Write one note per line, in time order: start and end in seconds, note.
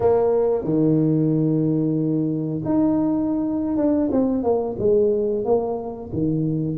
0.00 0.64 A#3
0.64 2.61 D#3
2.65 3.76 D#4
3.76 4.09 D4
4.11 4.43 C4
4.43 4.76 A#3
4.78 5.44 G#3
5.44 6.10 A#3
6.12 6.77 D#3